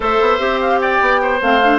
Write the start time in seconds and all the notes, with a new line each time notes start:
0.00 A3 A4 C5 E5
0.20 B3
0.38 C4 G4
0.60 F5
0.80 D5 G5
1.01 B3
1.21 C5
1.41 A3 C4 F5
1.62 D4